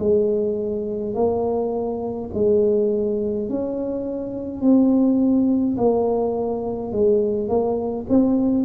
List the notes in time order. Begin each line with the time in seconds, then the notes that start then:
0.00 G#3
1.15 A#3
2.34 G#3
3.50 C#4
4.62 C4
5.77 A#3
6.92 G#3
7.49 A#3
8.10 C4